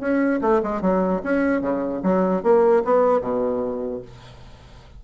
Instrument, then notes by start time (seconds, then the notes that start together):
bassoon
0.00 C#4
0.41 A3
0.63 G#3
0.81 F#3
1.23 C#4
1.61 C#3
2.02 F#3
2.43 A#3
2.84 B3
3.21 B2